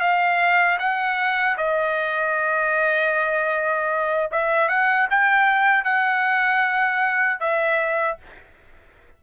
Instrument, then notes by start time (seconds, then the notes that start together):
trumpet
0.00 F5
0.78 F#5
1.57 D#5
4.31 E5
4.68 F#5
5.10 G5
5.84 F#5
7.39 E5